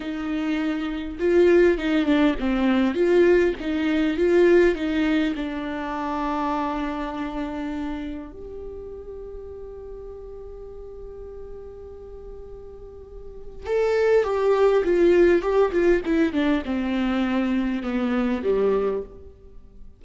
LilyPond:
\new Staff \with { instrumentName = "viola" } { \time 4/4 \tempo 4 = 101 dis'2 f'4 dis'8 d'8 | c'4 f'4 dis'4 f'4 | dis'4 d'2.~ | d'2 g'2~ |
g'1~ | g'2. a'4 | g'4 f'4 g'8 f'8 e'8 d'8 | c'2 b4 g4 | }